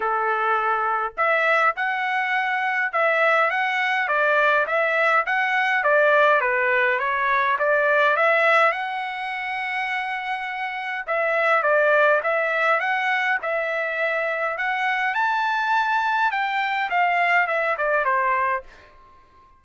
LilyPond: \new Staff \with { instrumentName = "trumpet" } { \time 4/4 \tempo 4 = 103 a'2 e''4 fis''4~ | fis''4 e''4 fis''4 d''4 | e''4 fis''4 d''4 b'4 | cis''4 d''4 e''4 fis''4~ |
fis''2. e''4 | d''4 e''4 fis''4 e''4~ | e''4 fis''4 a''2 | g''4 f''4 e''8 d''8 c''4 | }